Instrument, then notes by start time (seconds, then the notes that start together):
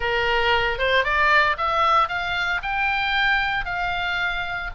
oboe
0.00 A#4
0.78 C5
1.04 D5
1.57 E5
2.08 F5
2.62 G5
3.65 F5